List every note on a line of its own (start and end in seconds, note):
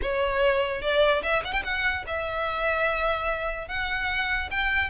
0.02 0.81 C#5
0.81 1.22 D5
1.22 1.43 E5
1.44 1.52 F#5
1.52 1.63 G5
1.64 2.05 F#5
2.06 3.68 E5
3.68 4.49 F#5
4.50 4.90 G5